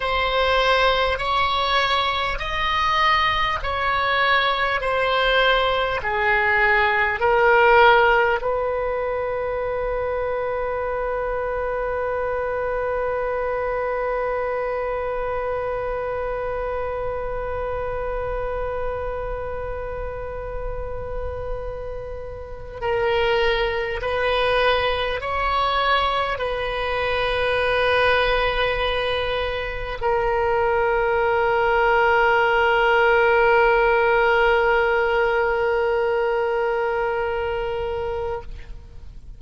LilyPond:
\new Staff \with { instrumentName = "oboe" } { \time 4/4 \tempo 4 = 50 c''4 cis''4 dis''4 cis''4 | c''4 gis'4 ais'4 b'4~ | b'1~ | b'1~ |
b'2. ais'4 | b'4 cis''4 b'2~ | b'4 ais'2.~ | ais'1 | }